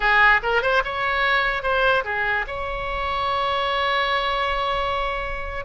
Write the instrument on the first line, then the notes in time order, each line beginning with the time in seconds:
oboe
0.00 G#4
0.42 A#4
0.62 C5
0.84 C#5
1.62 C5
2.04 G#4
2.47 C#5